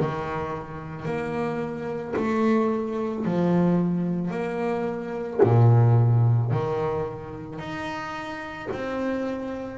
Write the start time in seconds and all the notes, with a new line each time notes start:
0.00 D#3
1.06 A#3
2.16 A3
3.25 F3
4.31 A#3
5.43 A#2
6.52 D#3
7.59 D#4
8.72 C4